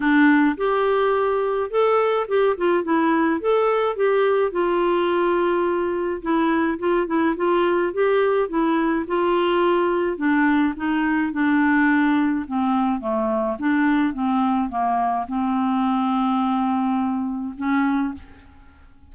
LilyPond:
\new Staff \with { instrumentName = "clarinet" } { \time 4/4 \tempo 4 = 106 d'4 g'2 a'4 | g'8 f'8 e'4 a'4 g'4 | f'2. e'4 | f'8 e'8 f'4 g'4 e'4 |
f'2 d'4 dis'4 | d'2 c'4 a4 | d'4 c'4 ais4 c'4~ | c'2. cis'4 | }